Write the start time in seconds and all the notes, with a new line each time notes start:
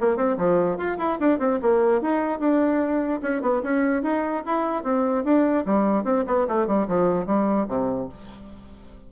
0.00 A#3
0.16 C4
0.37 F3
0.77 F4
0.98 E4
1.19 D4
1.39 C4
1.61 A#3
2.01 D#4
2.39 D4
3.22 C#4
3.42 B3
3.62 C#4
4.02 D#4
4.46 E4
4.83 C4
5.24 D4
5.65 G3
6.04 C4
6.27 B3
6.48 A3
6.67 G3
6.88 F3
7.26 G3
7.68 C3